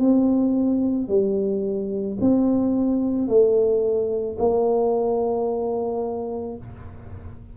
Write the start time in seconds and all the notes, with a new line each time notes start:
0.00 C4
1.09 G3
2.21 C4
3.28 A3
4.39 A#3